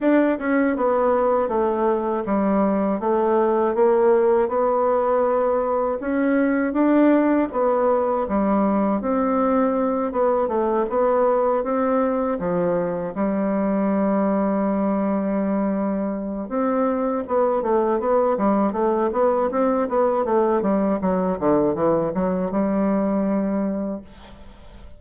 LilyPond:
\new Staff \with { instrumentName = "bassoon" } { \time 4/4 \tempo 4 = 80 d'8 cis'8 b4 a4 g4 | a4 ais4 b2 | cis'4 d'4 b4 g4 | c'4. b8 a8 b4 c'8~ |
c'8 f4 g2~ g8~ | g2 c'4 b8 a8 | b8 g8 a8 b8 c'8 b8 a8 g8 | fis8 d8 e8 fis8 g2 | }